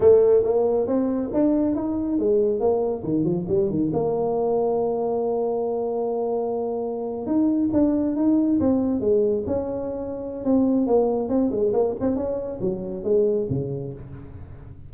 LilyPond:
\new Staff \with { instrumentName = "tuba" } { \time 4/4 \tempo 4 = 138 a4 ais4 c'4 d'4 | dis'4 gis4 ais4 dis8 f8 | g8 dis8 ais2.~ | ais1~ |
ais8. dis'4 d'4 dis'4 c'16~ | c'8. gis4 cis'2~ cis'16 | c'4 ais4 c'8 gis8 ais8 c'8 | cis'4 fis4 gis4 cis4 | }